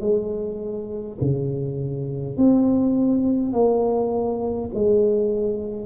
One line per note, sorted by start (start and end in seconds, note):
0.00 1.18 G#3
1.21 2.37 C#3
2.37 3.52 C4
3.52 4.70 A#3
4.74 5.86 G#3